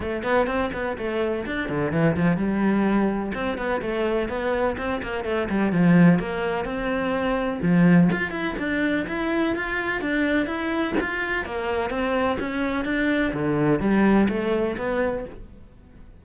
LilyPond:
\new Staff \with { instrumentName = "cello" } { \time 4/4 \tempo 4 = 126 a8 b8 c'8 b8 a4 d'8 d8 | e8 f8 g2 c'8 b8 | a4 b4 c'8 ais8 a8 g8 | f4 ais4 c'2 |
f4 f'8 e'8 d'4 e'4 | f'4 d'4 e'4 f'4 | ais4 c'4 cis'4 d'4 | d4 g4 a4 b4 | }